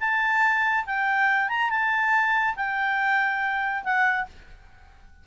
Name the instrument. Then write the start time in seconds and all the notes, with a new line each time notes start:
clarinet
0.00 A5
0.86 G5
1.49 A#5
1.70 A5
2.56 G5
3.84 F#5